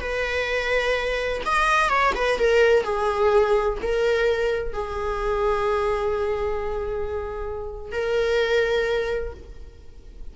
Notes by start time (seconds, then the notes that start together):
0.00 B4
1.46 D#5
1.89 C#5
2.15 B4
2.39 A#4
2.83 G#4
3.82 A#4
4.73 G#4
7.92 A#4